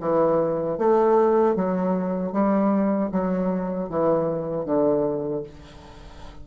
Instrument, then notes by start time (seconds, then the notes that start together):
bassoon
0.00 E3
0.78 A3
1.55 F#3
2.32 G3
3.11 F#3
3.89 E3
4.65 D3